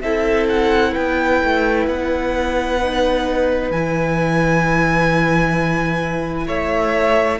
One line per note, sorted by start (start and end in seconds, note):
0.00 0.95 C4
0.00 2.80 E4
0.00 0.92 A4
0.00 0.46 E5
0.48 0.93 F#5
0.92 1.42 B3
0.92 6.46 B4
0.92 1.86 G5
1.43 1.86 A3
1.86 3.70 B3
1.86 3.71 F#5
2.81 3.73 D#4
3.70 6.47 E3
3.70 7.40 E4
3.70 6.48 G#5
6.46 7.40 A3
6.46 7.39 C#5
6.46 7.40 E5